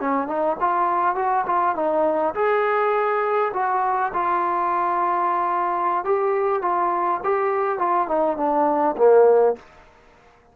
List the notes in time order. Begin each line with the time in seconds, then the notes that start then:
0.00 C#4
0.27 D#4
0.60 F4
1.15 F#4
1.46 F4
1.75 D#4
2.34 G#4
3.53 F#4
4.13 F4
6.04 G4
6.61 F4
7.24 G4
7.78 F4
8.08 D#4
8.37 D4
8.97 A#3